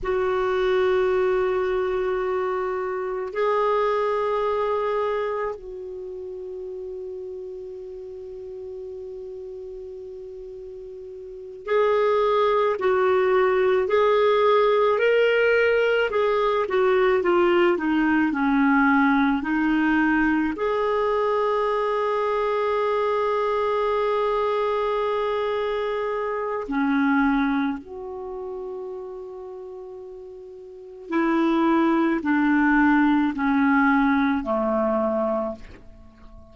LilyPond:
\new Staff \with { instrumentName = "clarinet" } { \time 4/4 \tempo 4 = 54 fis'2. gis'4~ | gis'4 fis'2.~ | fis'2~ fis'8 gis'4 fis'8~ | fis'8 gis'4 ais'4 gis'8 fis'8 f'8 |
dis'8 cis'4 dis'4 gis'4.~ | gis'1 | cis'4 fis'2. | e'4 d'4 cis'4 a4 | }